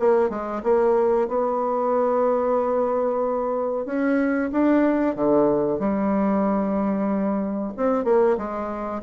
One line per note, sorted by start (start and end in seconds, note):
0.00 0.30 A#3
0.30 0.62 G#3
0.64 1.28 A#3
1.28 3.86 B3
3.86 4.51 C#4
4.52 5.16 D4
5.16 5.80 D3
5.80 7.73 G3
7.77 8.05 C4
8.05 8.37 A#3
8.38 9.03 G#3